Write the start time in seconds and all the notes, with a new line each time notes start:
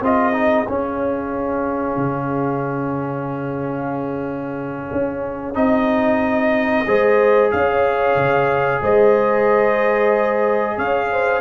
0.00 C4 F4 G#4 D#5
0.33 D#4
0.69 C#4 F5
1.97 C#3
4.92 C#4
5.55 C4 D#4 D#5
6.88 G#3 G#4 C5
7.51 C#4 C#5 F5
8.16 C#3
8.83 G#3 C5 D#5
10.77 C#4 C#5 F5
11.12 C5